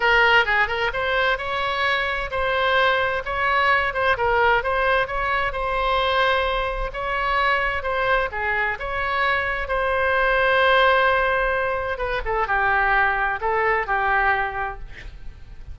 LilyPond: \new Staff \with { instrumentName = "oboe" } { \time 4/4 \tempo 4 = 130 ais'4 gis'8 ais'8 c''4 cis''4~ | cis''4 c''2 cis''4~ | cis''8 c''8 ais'4 c''4 cis''4 | c''2. cis''4~ |
cis''4 c''4 gis'4 cis''4~ | cis''4 c''2.~ | c''2 b'8 a'8 g'4~ | g'4 a'4 g'2 | }